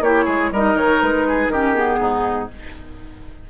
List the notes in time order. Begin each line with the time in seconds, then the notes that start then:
0.00 A#3 E4 G4 C#5
0.24 G#3 G#4
0.51 G3 D#4 A#4 D#5
0.75 D#3 C#5
1.01 G#3 B4
1.28 G#4
1.48 D#3 C#4 G4 A#4
1.74 B3 G#4
1.99 G#2 D#4